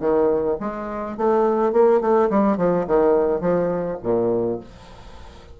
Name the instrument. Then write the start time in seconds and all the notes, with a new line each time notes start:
bassoon
0.00 D#3
0.60 G#3
1.17 A3
1.72 A#3
2.01 A3
2.30 G3
2.57 F3
2.87 D#3
3.41 F3
4.03 A#2